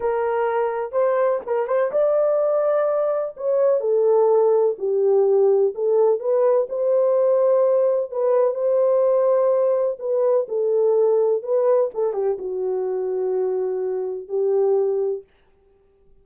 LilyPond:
\new Staff \with { instrumentName = "horn" } { \time 4/4 \tempo 4 = 126 ais'2 c''4 ais'8 c''8 | d''2. cis''4 | a'2 g'2 | a'4 b'4 c''2~ |
c''4 b'4 c''2~ | c''4 b'4 a'2 | b'4 a'8 g'8 fis'2~ | fis'2 g'2 | }